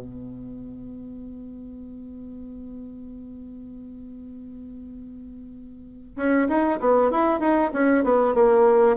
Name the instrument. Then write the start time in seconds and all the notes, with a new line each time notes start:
bassoon
0.00 B3
6.17 C#4
6.49 D#4
6.80 B3
7.11 E4
7.40 D#4
7.73 C#4
8.04 B3
8.34 A#3